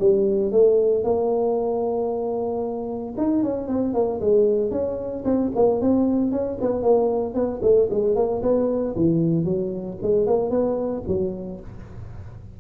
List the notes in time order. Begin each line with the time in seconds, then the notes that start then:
0.00 G3
0.52 A3
1.04 A#3
3.18 D#4
3.43 C#4
3.68 C4
3.94 A#3
4.21 G#3
4.71 C#4
5.25 C4
5.56 A#3
5.81 C4
6.31 C#4
6.61 B3
6.82 A#3
7.34 B3
7.62 A3
7.90 G#3
8.16 A#3
8.42 B3
8.96 E3
9.45 F#3
10.02 G#3
10.27 A#3
10.50 B3
11.08 F#3